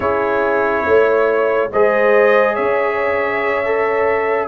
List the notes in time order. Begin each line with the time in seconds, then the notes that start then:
0.00 C#4 E4 G#4 C#5
0.85 A3 C#5
1.72 G#3 G#4 C5 D#5
2.54 C#4 C#5 E5
3.64 A4